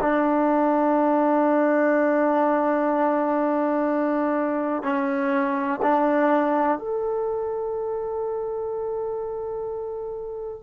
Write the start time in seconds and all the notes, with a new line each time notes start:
0.00 D4
4.83 C#4
5.82 D4
6.78 A4